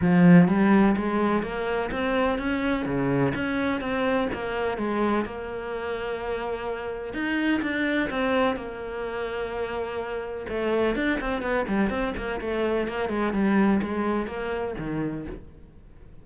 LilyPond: \new Staff \with { instrumentName = "cello" } { \time 4/4 \tempo 4 = 126 f4 g4 gis4 ais4 | c'4 cis'4 cis4 cis'4 | c'4 ais4 gis4 ais4~ | ais2. dis'4 |
d'4 c'4 ais2~ | ais2 a4 d'8 c'8 | b8 g8 c'8 ais8 a4 ais8 gis8 | g4 gis4 ais4 dis4 | }